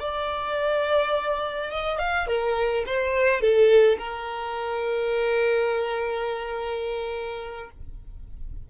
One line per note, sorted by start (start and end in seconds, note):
0.00 1.71 D5
1.71 1.99 D#5
1.99 2.27 F5
2.27 2.84 A#4
2.86 3.41 C5
3.41 3.98 A4
3.98 7.70 A#4